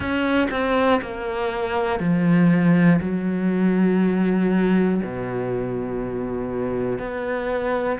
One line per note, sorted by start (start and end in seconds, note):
0.00 0.47 C#4
0.50 1.00 C4
1.01 2.00 A#3
2.00 3.00 F3
3.00 5.00 F#3
5.03 6.98 B2
6.98 7.98 B3